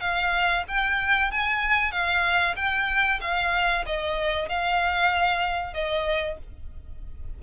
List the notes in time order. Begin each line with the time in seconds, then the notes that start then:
0.00 F5
0.68 G5
1.31 G#5
1.91 F5
2.56 G5
3.21 F5
3.86 D#5
4.49 F5
5.74 D#5